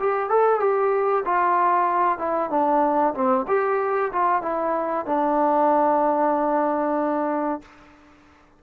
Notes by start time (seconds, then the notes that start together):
0.00 G4
0.30 A4
0.60 G4
1.25 F4
2.19 E4
2.51 D4
3.15 C4
3.48 G4
4.13 F4
4.42 E4
5.07 D4